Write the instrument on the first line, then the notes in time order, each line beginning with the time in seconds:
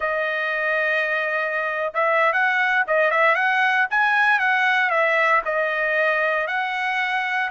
trumpet
0.00 D#5
1.94 E5
2.33 F#5
2.87 D#5
3.10 E5
3.35 F#5
3.90 G#5
4.39 F#5
4.90 E5
5.45 D#5
6.47 F#5